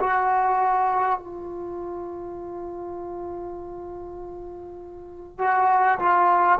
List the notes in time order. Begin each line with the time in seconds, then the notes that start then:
0.00 F#4
1.19 F4
5.39 F#4
5.99 F4